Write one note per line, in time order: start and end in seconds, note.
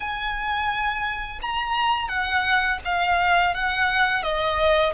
0.00 1.39 G#5
1.41 2.08 A#5
2.08 2.79 F#5
2.84 3.54 F5
3.54 4.22 F#5
4.22 4.93 D#5